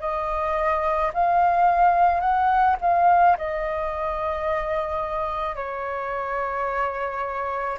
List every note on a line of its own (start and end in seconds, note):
0.00 1.11 D#5
1.14 2.20 F5
2.20 2.76 F#5
2.81 3.36 F5
3.37 5.56 D#5
5.56 7.78 C#5